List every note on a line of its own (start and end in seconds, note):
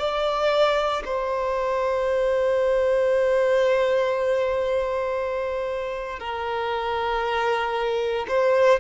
0.00 1.03 D5
1.05 6.20 C5
6.20 8.27 A#4
8.29 8.80 C5